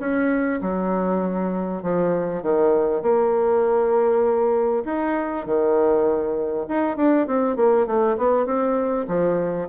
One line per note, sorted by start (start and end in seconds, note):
0.00 0.61 C#4
0.62 1.83 F#3
1.83 2.43 F3
2.43 3.02 D#3
3.02 4.84 A#3
4.85 5.46 D#4
5.46 6.67 D#3
6.68 6.97 D#4
6.97 7.27 D4
7.27 7.56 C4
7.56 7.87 A#3
7.87 8.17 A3
8.18 8.46 B3
8.46 9.07 C4
9.08 9.69 F3